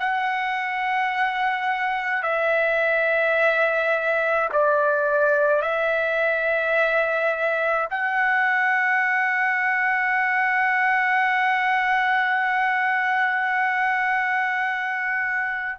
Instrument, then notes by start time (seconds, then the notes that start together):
trumpet
0.00 F#5
2.23 E5
4.53 D5
5.62 E5
7.90 F#5